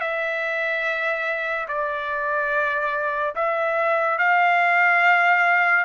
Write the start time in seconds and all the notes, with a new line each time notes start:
0.00 E5
1.68 D5
3.35 E5
4.18 F5